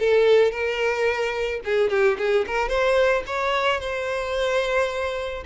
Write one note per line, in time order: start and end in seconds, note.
0.00 0.52 A4
0.52 1.61 A#4
1.65 1.90 G#4
1.90 2.18 G4
2.19 2.46 G#4
2.47 2.69 A#4
2.69 3.24 C5
3.27 3.81 C#5
3.81 5.44 C5